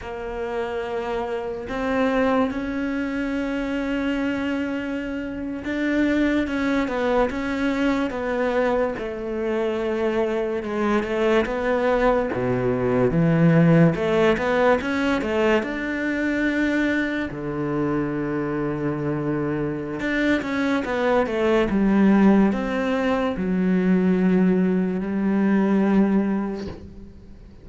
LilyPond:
\new Staff \with { instrumentName = "cello" } { \time 4/4 \tempo 4 = 72 ais2 c'4 cis'4~ | cis'2~ cis'8. d'4 cis'16~ | cis'16 b8 cis'4 b4 a4~ a16~ | a8. gis8 a8 b4 b,4 e16~ |
e8. a8 b8 cis'8 a8 d'4~ d'16~ | d'8. d2.~ d16 | d'8 cis'8 b8 a8 g4 c'4 | fis2 g2 | }